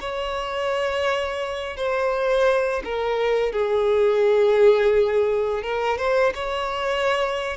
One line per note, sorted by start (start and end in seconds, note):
0.00 1.76 C#5
1.76 2.82 C5
2.84 3.52 A#4
3.52 5.62 G#4
5.62 5.97 A#4
5.97 6.33 C5
6.35 7.57 C#5